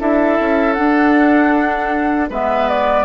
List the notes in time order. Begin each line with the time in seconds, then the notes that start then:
0.00 D4 E4 A4 E5
0.40 C#4
0.73 D4 F#5
2.30 G#3 B3 B4 E5
2.69 D5